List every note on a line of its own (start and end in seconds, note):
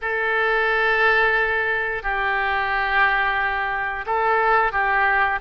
0.01 2.03 A4
2.03 4.05 G4
4.06 4.72 A4
4.72 5.39 G4